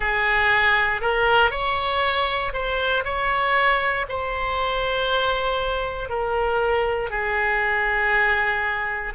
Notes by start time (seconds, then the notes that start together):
0.00 G#4
1.01 A#4
1.50 C#5
2.53 C5
3.04 C#5
4.09 C5
6.09 A#4
7.10 G#4